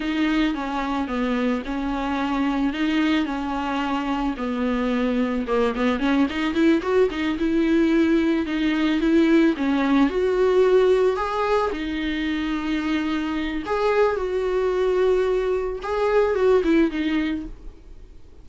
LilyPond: \new Staff \with { instrumentName = "viola" } { \time 4/4 \tempo 4 = 110 dis'4 cis'4 b4 cis'4~ | cis'4 dis'4 cis'2 | b2 ais8 b8 cis'8 dis'8 | e'8 fis'8 dis'8 e'2 dis'8~ |
dis'8 e'4 cis'4 fis'4.~ | fis'8 gis'4 dis'2~ dis'8~ | dis'4 gis'4 fis'2~ | fis'4 gis'4 fis'8 e'8 dis'4 | }